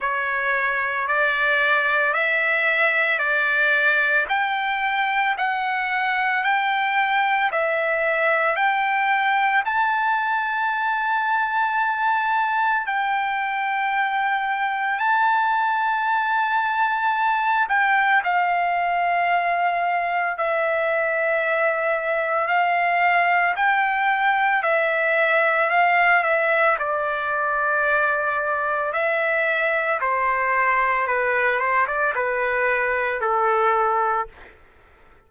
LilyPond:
\new Staff \with { instrumentName = "trumpet" } { \time 4/4 \tempo 4 = 56 cis''4 d''4 e''4 d''4 | g''4 fis''4 g''4 e''4 | g''4 a''2. | g''2 a''2~ |
a''8 g''8 f''2 e''4~ | e''4 f''4 g''4 e''4 | f''8 e''8 d''2 e''4 | c''4 b'8 c''16 d''16 b'4 a'4 | }